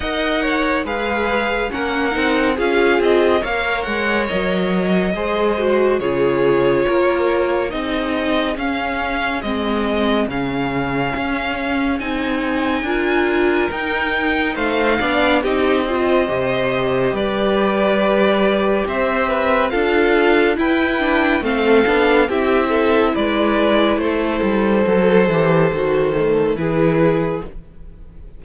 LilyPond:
<<
  \new Staff \with { instrumentName = "violin" } { \time 4/4 \tempo 4 = 70 fis''4 f''4 fis''4 f''8 dis''8 | f''8 fis''8 dis''2 cis''4~ | cis''4 dis''4 f''4 dis''4 | f''2 gis''2 |
g''4 f''4 dis''2 | d''2 e''4 f''4 | g''4 f''4 e''4 d''4 | c''2. b'4 | }
  \new Staff \with { instrumentName = "violin" } { \time 4/4 dis''8 cis''8 b'4 ais'4 gis'4 | cis''2 c''4 gis'4 | ais'4 gis'2.~ | gis'2. ais'4~ |
ais'4 c''8 d''8 g'8 c''4. | b'2 c''8 b'8 a'4 | b'4 a'4 g'8 a'8 b'4 | a'2. gis'4 | }
  \new Staff \with { instrumentName = "viola" } { \time 4/4 ais'4 gis'4 cis'8 dis'8 f'4 | ais'2 gis'8 fis'8 f'4~ | f'4 dis'4 cis'4 c'4 | cis'2 dis'4 f'4 |
dis'4. d'8 dis'8 f'8 g'4~ | g'2. f'4 | e'8 d'8 c'8 d'8 e'2~ | e'4 a'8 g'8 fis'8 a8 e'4 | }
  \new Staff \with { instrumentName = "cello" } { \time 4/4 dis'4 gis4 ais8 c'8 cis'8 c'8 | ais8 gis8 fis4 gis4 cis4 | ais4 c'4 cis'4 gis4 | cis4 cis'4 c'4 d'4 |
dis'4 a8 b8 c'4 c4 | g2 c'4 d'4 | e'4 a8 b8 c'4 gis4 | a8 g8 fis8 e8 dis4 e4 | }
>>